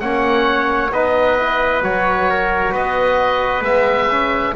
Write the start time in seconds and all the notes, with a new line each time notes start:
0.00 A#3 C#4 C#5 F#5
0.91 B3 D#4 B4 D#5
1.40 E4
1.82 F#3 F#4 C#5
2.30 A#4
2.72 B3 B4 D#5
3.61 G#3 B3 E5
4.11 C#4